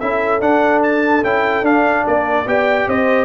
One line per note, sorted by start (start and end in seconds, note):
0.00 0.41 C#4
0.00 0.41 E4
0.00 2.07 A4
0.00 0.41 E5
0.41 1.23 D4
0.41 0.83 F#5
0.83 1.24 A5
1.24 1.62 C#4
1.24 1.64 E4
1.24 1.65 G5
1.62 2.04 D4
1.62 2.46 D4
1.62 2.07 F5
2.07 2.46 A#3
2.07 2.48 A#4
2.07 2.48 D5
2.46 2.87 B3
2.46 3.26 G4
2.46 2.89 D5
2.46 2.89 G5
2.88 3.26 C4
2.88 3.26 C5
2.88 3.26 D#5